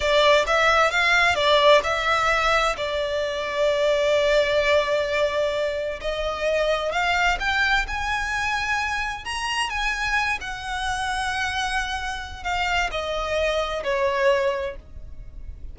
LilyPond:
\new Staff \with { instrumentName = "violin" } { \time 4/4 \tempo 4 = 130 d''4 e''4 f''4 d''4 | e''2 d''2~ | d''1~ | d''4 dis''2 f''4 |
g''4 gis''2. | ais''4 gis''4. fis''4.~ | fis''2. f''4 | dis''2 cis''2 | }